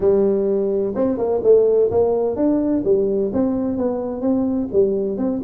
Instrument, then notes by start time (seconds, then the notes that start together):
tuba
0.00 G3
0.95 C4
1.17 A#3
1.43 A3
1.90 A#3
2.35 D4
2.84 G3
3.33 C4
3.77 B3
4.21 C4
4.72 G3
5.17 C4